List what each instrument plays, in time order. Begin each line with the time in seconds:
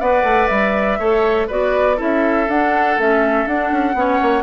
0.00 bassoon B3, clarinet B4, oboe D5, flute F#5
0.23 bassoon A3
0.48 bassoon G3, flute E5
0.99 bassoon A3, clarinet A4, oboe C#5
1.48 bassoon B3, clarinet F#4, oboe B4, flute D5
1.97 bassoon C#4, clarinet E4, oboe A4, flute E5
2.48 bassoon D4, clarinet D4, flute F#5
2.98 bassoon A3, clarinet C#4, flute E5
3.46 bassoon D4, clarinet D4, flute F#5
3.72 bassoon C#4
3.94 bassoon B3, clarinet C#4, oboe C#5
4.22 bassoon A#3